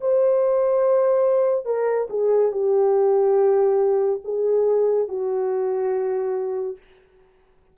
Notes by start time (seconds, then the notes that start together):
0.00 C5
1.65 A#4
2.10 G#4
2.51 G4
4.24 G#4
5.08 F#4